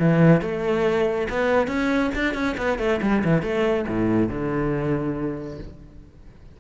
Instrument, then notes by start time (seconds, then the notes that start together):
cello
0.00 E3
0.42 A3
1.30 B3
1.68 C#4
2.15 D4
2.35 C#4
2.58 B3
2.79 A3
3.02 G3
3.25 E3
3.43 A3
3.88 A2
4.29 D3